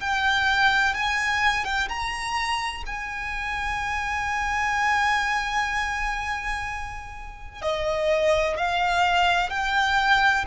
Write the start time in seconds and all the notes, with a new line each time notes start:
0.00 G5
0.94 G#5
1.64 G5
1.88 A#5
2.86 G#5
7.61 D#5
8.57 F5
9.50 G5